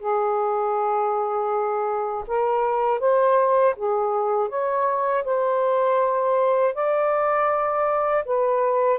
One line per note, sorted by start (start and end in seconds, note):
0.00 2.25 G#4
2.28 3.00 A#4
3.00 3.75 C5
3.77 4.49 G#4
4.49 5.24 C#5
5.25 6.75 C5
6.75 8.25 D5
8.25 9.00 B4